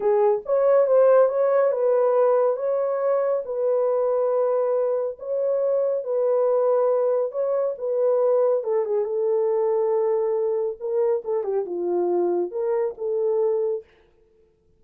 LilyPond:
\new Staff \with { instrumentName = "horn" } { \time 4/4 \tempo 4 = 139 gis'4 cis''4 c''4 cis''4 | b'2 cis''2 | b'1 | cis''2 b'2~ |
b'4 cis''4 b'2 | a'8 gis'8 a'2.~ | a'4 ais'4 a'8 g'8 f'4~ | f'4 ais'4 a'2 | }